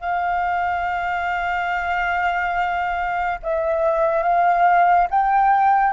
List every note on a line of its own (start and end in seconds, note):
0.00 3.38 F5
3.43 4.23 E5
4.23 5.07 F5
5.10 5.93 G5